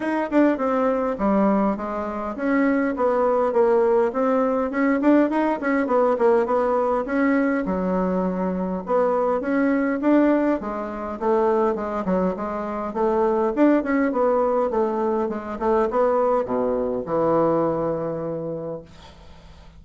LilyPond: \new Staff \with { instrumentName = "bassoon" } { \time 4/4 \tempo 4 = 102 dis'8 d'8 c'4 g4 gis4 | cis'4 b4 ais4 c'4 | cis'8 d'8 dis'8 cis'8 b8 ais8 b4 | cis'4 fis2 b4 |
cis'4 d'4 gis4 a4 | gis8 fis8 gis4 a4 d'8 cis'8 | b4 a4 gis8 a8 b4 | b,4 e2. | }